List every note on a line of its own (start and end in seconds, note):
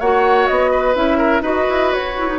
0.00 0.48 A#3
0.00 0.94 F#4
0.00 0.71 C#5
0.00 0.47 F#5
0.47 0.95 B3
0.47 0.95 D#5
0.71 1.18 B4
0.94 1.41 C#4
0.94 1.42 E4
0.94 1.43 E5
1.18 1.42 A#4
1.41 1.65 D#4
1.41 2.15 F#4
1.41 2.39 B4
1.41 1.93 D#5
1.69 1.93 E4
1.93 2.39 F#4
1.93 2.39 C#5
2.17 2.28 E4
2.28 2.39 D#4